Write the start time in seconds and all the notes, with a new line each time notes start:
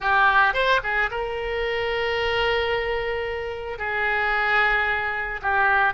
0.00 G4
0.53 C5
0.83 G#4
1.11 A#4
3.78 G#4
5.42 G4